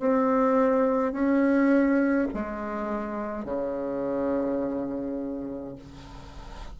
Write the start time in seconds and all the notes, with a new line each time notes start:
0.00 C4
1.12 C#4
2.34 G#3
3.45 C#3